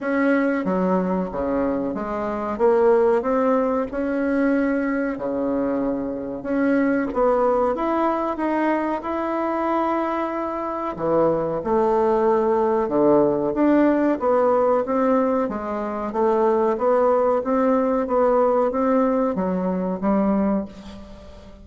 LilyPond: \new Staff \with { instrumentName = "bassoon" } { \time 4/4 \tempo 4 = 93 cis'4 fis4 cis4 gis4 | ais4 c'4 cis'2 | cis2 cis'4 b4 | e'4 dis'4 e'2~ |
e'4 e4 a2 | d4 d'4 b4 c'4 | gis4 a4 b4 c'4 | b4 c'4 fis4 g4 | }